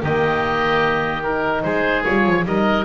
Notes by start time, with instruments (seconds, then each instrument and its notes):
0.00 double bass D#3, horn A#3, oboe G4 D#5
1.23 horn D#4, oboe A#4
1.62 double bass G#3, oboe G#4 C5
2.04 double bass G3, horn F4, oboe C#5
2.26 double bass F3
2.45 double bass G3, horn D#4, oboe A#4 D#5